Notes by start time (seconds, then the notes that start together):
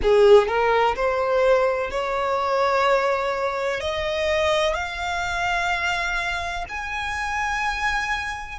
0.02 G#4
0.47 A#4
0.95 C5
1.90 C#5
3.80 D#5
4.74 F5
6.68 G#5